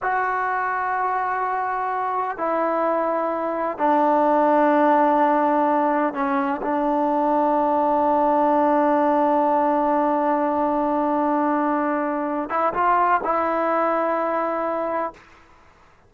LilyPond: \new Staff \with { instrumentName = "trombone" } { \time 4/4 \tempo 4 = 127 fis'1~ | fis'4 e'2. | d'1~ | d'4 cis'4 d'2~ |
d'1~ | d'1~ | d'2~ d'8 e'8 f'4 | e'1 | }